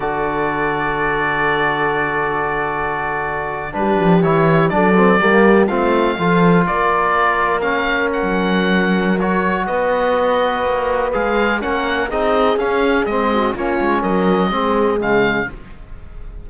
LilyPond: <<
  \new Staff \with { instrumentName = "oboe" } { \time 4/4 \tempo 4 = 124 d''1~ | d''2.~ d''8. b'16~ | b'8. cis''4 d''2 f''16~ | f''4.~ f''16 d''2 f''16~ |
f''8. fis''2~ fis''16 cis''4 | dis''2. f''4 | fis''4 dis''4 f''4 dis''4 | cis''4 dis''2 f''4 | }
  \new Staff \with { instrumentName = "horn" } { \time 4/4 a'1~ | a'2.~ a'8. g'16~ | g'4.~ g'16 a'4 g'4 f'16~ | f'8. a'4 ais'2~ ais'16~ |
ais'1 | b'1 | ais'4 gis'2~ gis'8 fis'8 | f'4 ais'4 gis'2 | }
  \new Staff \with { instrumentName = "trombone" } { \time 4/4 fis'1~ | fis'2.~ fis'8. d'16~ | d'8. e'4 d'8 c'8 ais4 c'16~ | c'8. f'2. cis'16~ |
cis'2. fis'4~ | fis'2. gis'4 | cis'4 dis'4 cis'4 c'4 | cis'2 c'4 gis4 | }
  \new Staff \with { instrumentName = "cello" } { \time 4/4 d1~ | d2.~ d8. g16~ | g16 f8 e4 fis4 g4 a16~ | a8. f4 ais2~ ais16~ |
ais4 fis2. | b2 ais4 gis4 | ais4 c'4 cis'4 gis4 | ais8 gis8 fis4 gis4 cis4 | }
>>